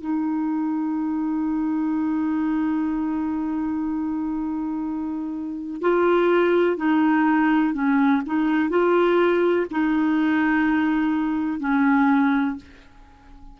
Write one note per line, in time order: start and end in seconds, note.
0.00 5.81 D#4
5.81 6.77 F4
6.77 7.73 D#4
7.73 8.22 C#4
8.26 8.69 D#4
8.69 9.66 F4
9.71 11.60 D#4
11.60 12.56 C#4